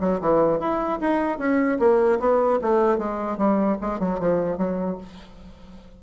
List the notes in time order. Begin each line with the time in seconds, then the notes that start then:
0.00 F#3
0.21 E3
0.59 E4
1.00 D#4
1.38 C#4
1.79 A#3
2.19 B3
2.61 A3
2.97 G#3
3.37 G3
3.81 G#3
3.99 F#3
4.19 F3
4.57 F#3